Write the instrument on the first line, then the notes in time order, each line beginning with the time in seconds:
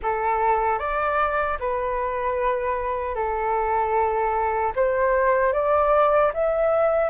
flute
0.02 A4
0.79 D5
1.59 B4
3.15 A4
4.75 C5
5.53 D5
6.33 E5